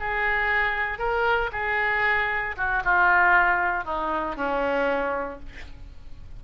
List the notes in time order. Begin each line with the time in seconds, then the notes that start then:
0.00 G#4
0.99 A#4
1.52 G#4
2.57 F#4
2.84 F4
3.85 D#4
4.36 C#4